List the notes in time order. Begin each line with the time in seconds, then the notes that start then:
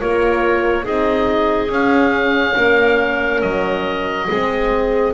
0.00 A#3 F4 A#4 C#5
0.84 C4 D#4 G#4 D#5
1.69 C#4 F5
2.56 A#3 A#4
3.42 F#3 D#5
4.28 G#3 C4 G#4